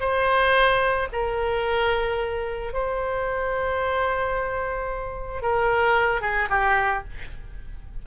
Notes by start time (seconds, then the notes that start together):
0.00 C5
1.13 A#4
2.73 C5
5.42 A#4
6.21 G#4
6.50 G4